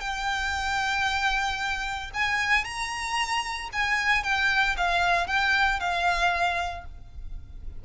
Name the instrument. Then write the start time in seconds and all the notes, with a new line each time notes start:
violin
0.00 G5
2.14 G#5
2.64 A#5
3.72 G#5
4.23 G5
4.77 F5
5.27 G5
5.80 F5